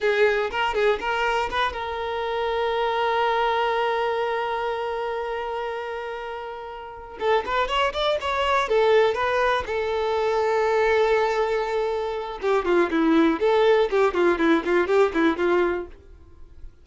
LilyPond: \new Staff \with { instrumentName = "violin" } { \time 4/4 \tempo 4 = 121 gis'4 ais'8 gis'8 ais'4 b'8 ais'8~ | ais'1~ | ais'1~ | ais'2~ ais'8 a'8 b'8 cis''8 |
d''8 cis''4 a'4 b'4 a'8~ | a'1~ | a'4 g'8 f'8 e'4 a'4 | g'8 f'8 e'8 f'8 g'8 e'8 f'4 | }